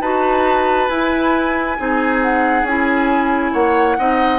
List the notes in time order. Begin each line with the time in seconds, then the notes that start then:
0.00 D#4 F#4 B4 A5
0.89 E4 G#5
1.78 C4 D#4 G#4
2.22 F#5
2.63 C#4 E4 G#5
3.52 A#3 C#5 F#5
3.98 C4 D#4 D#5